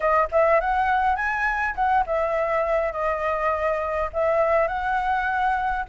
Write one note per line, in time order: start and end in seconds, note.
0.00 0.28 D#5
0.31 0.60 E5
0.60 1.16 F#5
1.16 1.74 G#5
1.75 2.04 F#5
2.06 2.92 E5
2.92 4.10 D#5
4.13 4.67 E5
4.67 5.85 F#5